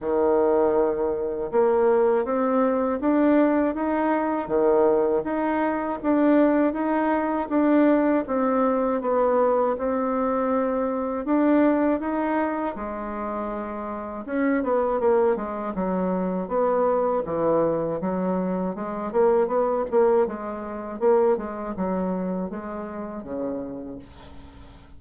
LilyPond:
\new Staff \with { instrumentName = "bassoon" } { \time 4/4 \tempo 4 = 80 dis2 ais4 c'4 | d'4 dis'4 dis4 dis'4 | d'4 dis'4 d'4 c'4 | b4 c'2 d'4 |
dis'4 gis2 cis'8 b8 | ais8 gis8 fis4 b4 e4 | fis4 gis8 ais8 b8 ais8 gis4 | ais8 gis8 fis4 gis4 cis4 | }